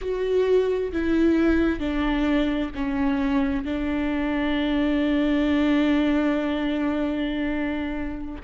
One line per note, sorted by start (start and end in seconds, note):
0.01 0.92 F#4
0.92 1.79 E4
1.79 2.70 D4
2.74 3.64 C#4
3.64 8.42 D4